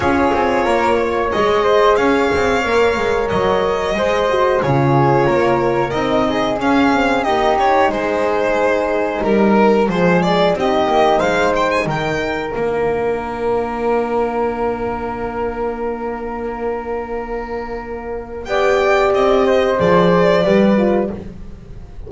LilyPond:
<<
  \new Staff \with { instrumentName = "violin" } { \time 4/4 \tempo 4 = 91 cis''2 dis''4 f''4~ | f''4 dis''2 cis''4~ | cis''4 dis''4 f''4 dis''8 cis''8 | c''2 ais'4 c''8 d''8 |
dis''4 f''8 g''16 gis''16 g''4 f''4~ | f''1~ | f''1 | g''4 dis''4 d''2 | }
  \new Staff \with { instrumentName = "flute" } { \time 4/4 gis'4 ais'8 cis''4 c''8 cis''4~ | cis''2 c''4 gis'4 | ais'4. gis'4. g'4 | gis'2 ais'4 gis'4 |
g'4 c''4 ais'2~ | ais'1~ | ais'1 | d''4. c''4. b'4 | }
  \new Staff \with { instrumentName = "horn" } { \time 4/4 f'2 gis'2 | ais'2 gis'8 fis'8 f'4~ | f'4 dis'4 cis'8 c'8 ais8 dis'8~ | dis'2. gis4 |
dis'2. d'4~ | d'1~ | d'1 | g'2 gis'4 g'8 f'8 | }
  \new Staff \with { instrumentName = "double bass" } { \time 4/4 cis'8 c'8 ais4 gis4 cis'8 c'8 | ais8 gis8 fis4 gis4 cis4 | ais4 c'4 cis'4 dis'4 | gis2 g4 f4 |
c'8 ais8 gis4 dis4 ais4~ | ais1~ | ais1 | b4 c'4 f4 g4 | }
>>